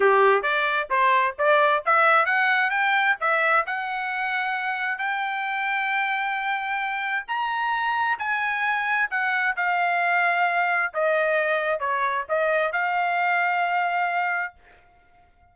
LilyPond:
\new Staff \with { instrumentName = "trumpet" } { \time 4/4 \tempo 4 = 132 g'4 d''4 c''4 d''4 | e''4 fis''4 g''4 e''4 | fis''2. g''4~ | g''1 |
ais''2 gis''2 | fis''4 f''2. | dis''2 cis''4 dis''4 | f''1 | }